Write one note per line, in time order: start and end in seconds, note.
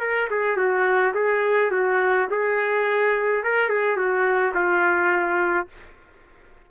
0.00 0.28 A#4
0.30 0.57 G#4
0.57 1.13 F#4
1.14 1.71 G#4
1.71 2.28 F#4
2.31 3.44 G#4
3.44 3.69 A#4
3.69 3.96 G#4
3.96 4.53 F#4
4.54 5.68 F4